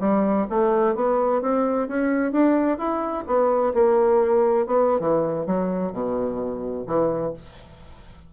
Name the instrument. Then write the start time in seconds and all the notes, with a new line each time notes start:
bassoon
0.00 G3
0.49 A3
0.95 B3
1.41 C4
1.88 C#4
2.32 D4
2.78 E4
3.26 B3
3.74 A#3
4.66 B3
5.00 E3
5.46 F#3
5.92 B2
6.86 E3